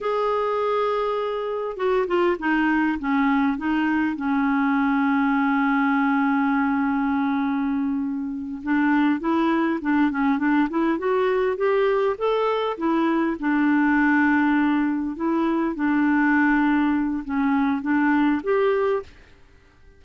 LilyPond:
\new Staff \with { instrumentName = "clarinet" } { \time 4/4 \tempo 4 = 101 gis'2. fis'8 f'8 | dis'4 cis'4 dis'4 cis'4~ | cis'1~ | cis'2~ cis'8 d'4 e'8~ |
e'8 d'8 cis'8 d'8 e'8 fis'4 g'8~ | g'8 a'4 e'4 d'4.~ | d'4. e'4 d'4.~ | d'4 cis'4 d'4 g'4 | }